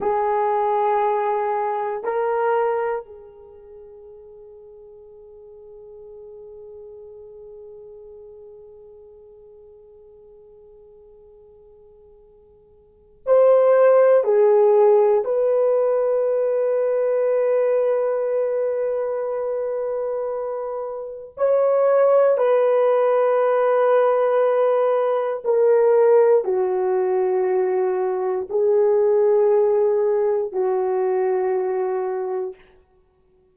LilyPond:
\new Staff \with { instrumentName = "horn" } { \time 4/4 \tempo 4 = 59 gis'2 ais'4 gis'4~ | gis'1~ | gis'1~ | gis'4 c''4 gis'4 b'4~ |
b'1~ | b'4 cis''4 b'2~ | b'4 ais'4 fis'2 | gis'2 fis'2 | }